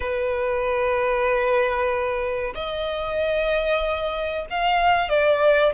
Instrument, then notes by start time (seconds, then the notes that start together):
violin
0.00 B4
2.54 D#5
4.50 F5
5.09 D5